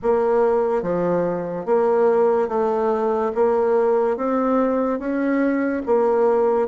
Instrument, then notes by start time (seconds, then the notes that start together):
bassoon
0.02 A#3
0.82 F3
1.65 A#3
2.48 A3
3.34 A#3
4.17 C4
4.98 C#4
5.85 A#3